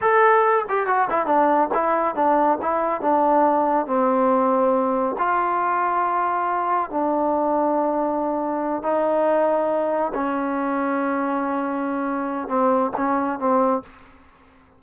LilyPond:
\new Staff \with { instrumentName = "trombone" } { \time 4/4 \tempo 4 = 139 a'4. g'8 fis'8 e'8 d'4 | e'4 d'4 e'4 d'4~ | d'4 c'2. | f'1 |
d'1~ | d'8 dis'2. cis'8~ | cis'1~ | cis'4 c'4 cis'4 c'4 | }